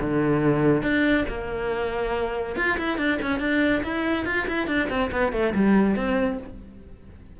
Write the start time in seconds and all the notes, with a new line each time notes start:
0.00 D3
0.82 D4
1.28 A#3
2.56 F4
2.78 E4
2.97 D4
3.22 C#4
3.39 D4
3.83 E4
4.25 F4
4.47 E4
4.67 D4
4.89 C4
5.11 B3
5.32 A3
5.54 G3
5.96 C4